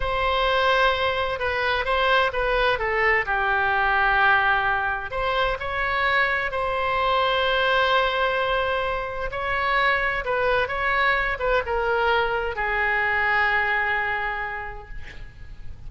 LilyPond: \new Staff \with { instrumentName = "oboe" } { \time 4/4 \tempo 4 = 129 c''2. b'4 | c''4 b'4 a'4 g'4~ | g'2. c''4 | cis''2 c''2~ |
c''1 | cis''2 b'4 cis''4~ | cis''8 b'8 ais'2 gis'4~ | gis'1 | }